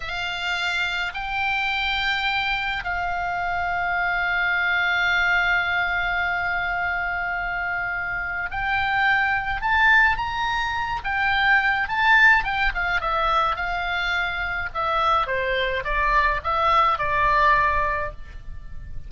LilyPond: \new Staff \with { instrumentName = "oboe" } { \time 4/4 \tempo 4 = 106 f''2 g''2~ | g''4 f''2.~ | f''1~ | f''2. g''4~ |
g''4 a''4 ais''4. g''8~ | g''4 a''4 g''8 f''8 e''4 | f''2 e''4 c''4 | d''4 e''4 d''2 | }